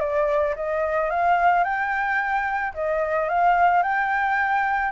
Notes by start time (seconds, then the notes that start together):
0.00 D5
0.56 D#5
1.10 F5
1.64 G5
2.74 D#5
3.29 F5
3.82 G5